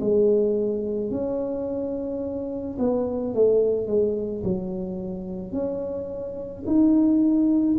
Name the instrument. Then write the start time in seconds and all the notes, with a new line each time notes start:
tuba
0.00 G#3
1.11 C#4
2.78 B3
3.34 A3
3.87 G#3
4.43 F#3
5.52 C#4
6.66 D#4